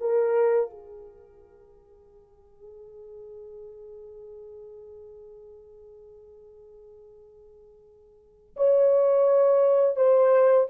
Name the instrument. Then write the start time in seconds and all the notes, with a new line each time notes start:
horn
0.00 A#4
0.69 G#4
8.56 C#5
9.96 C5